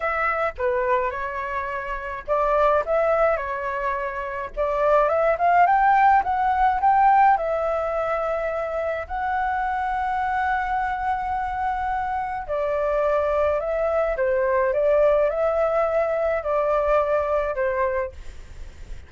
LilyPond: \new Staff \with { instrumentName = "flute" } { \time 4/4 \tempo 4 = 106 e''4 b'4 cis''2 | d''4 e''4 cis''2 | d''4 e''8 f''8 g''4 fis''4 | g''4 e''2. |
fis''1~ | fis''2 d''2 | e''4 c''4 d''4 e''4~ | e''4 d''2 c''4 | }